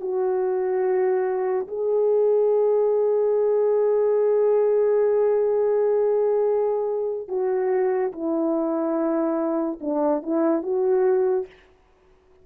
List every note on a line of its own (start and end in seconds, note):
0.00 1.67 F#4
1.67 7.28 G#4
7.28 8.11 F#4
8.12 9.79 E4
9.81 10.22 D4
10.22 10.62 E4
10.62 11.46 F#4